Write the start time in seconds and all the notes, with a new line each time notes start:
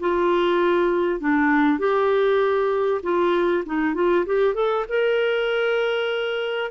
0.00 F4
1.20 D4
1.79 G4
3.03 F4
3.66 D#4
3.94 F4
4.26 G4
4.54 A4
4.89 A#4